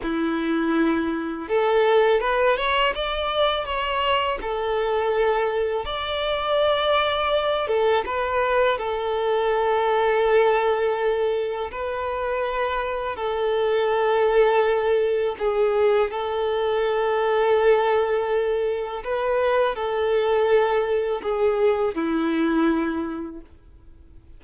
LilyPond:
\new Staff \with { instrumentName = "violin" } { \time 4/4 \tempo 4 = 82 e'2 a'4 b'8 cis''8 | d''4 cis''4 a'2 | d''2~ d''8 a'8 b'4 | a'1 |
b'2 a'2~ | a'4 gis'4 a'2~ | a'2 b'4 a'4~ | a'4 gis'4 e'2 | }